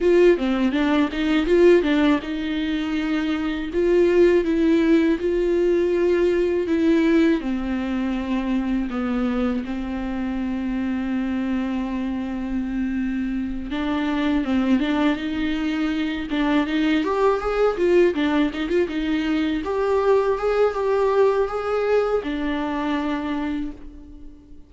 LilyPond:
\new Staff \with { instrumentName = "viola" } { \time 4/4 \tempo 4 = 81 f'8 c'8 d'8 dis'8 f'8 d'8 dis'4~ | dis'4 f'4 e'4 f'4~ | f'4 e'4 c'2 | b4 c'2.~ |
c'2~ c'8 d'4 c'8 | d'8 dis'4. d'8 dis'8 g'8 gis'8 | f'8 d'8 dis'16 f'16 dis'4 g'4 gis'8 | g'4 gis'4 d'2 | }